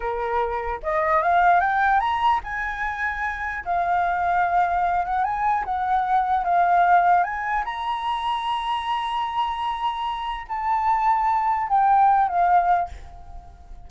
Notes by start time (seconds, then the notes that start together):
0.00 A#4
0.83 D#5
1.22 F5
1.60 G5
2.00 A#5
2.43 G#5
3.64 F5
5.05 F#5
5.24 G#5
5.64 F#5
6.44 F5
7.23 G#5
7.64 A#5
10.48 A5
11.68 G5
12.28 F5